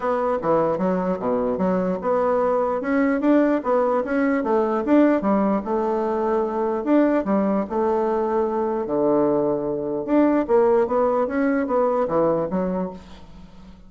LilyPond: \new Staff \with { instrumentName = "bassoon" } { \time 4/4 \tempo 4 = 149 b4 e4 fis4 b,4 | fis4 b2 cis'4 | d'4 b4 cis'4 a4 | d'4 g4 a2~ |
a4 d'4 g4 a4~ | a2 d2~ | d4 d'4 ais4 b4 | cis'4 b4 e4 fis4 | }